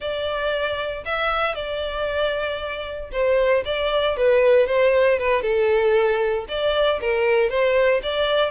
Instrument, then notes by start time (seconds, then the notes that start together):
violin
0.00 D5
1.05 E5
1.54 D5
3.12 C5
3.65 D5
4.16 B4
4.67 C5
5.18 B4
5.42 A4
6.48 D5
7.00 A#4
7.49 C5
8.02 D5